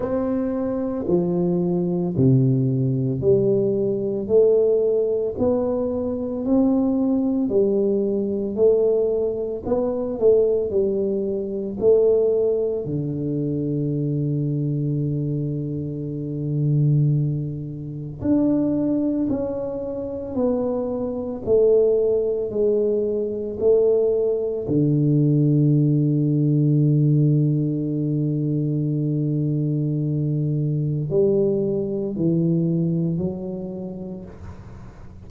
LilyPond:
\new Staff \with { instrumentName = "tuba" } { \time 4/4 \tempo 4 = 56 c'4 f4 c4 g4 | a4 b4 c'4 g4 | a4 b8 a8 g4 a4 | d1~ |
d4 d'4 cis'4 b4 | a4 gis4 a4 d4~ | d1~ | d4 g4 e4 fis4 | }